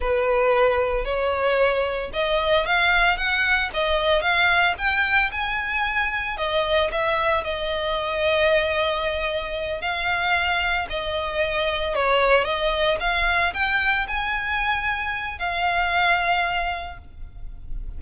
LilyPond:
\new Staff \with { instrumentName = "violin" } { \time 4/4 \tempo 4 = 113 b'2 cis''2 | dis''4 f''4 fis''4 dis''4 | f''4 g''4 gis''2 | dis''4 e''4 dis''2~ |
dis''2~ dis''8 f''4.~ | f''8 dis''2 cis''4 dis''8~ | dis''8 f''4 g''4 gis''4.~ | gis''4 f''2. | }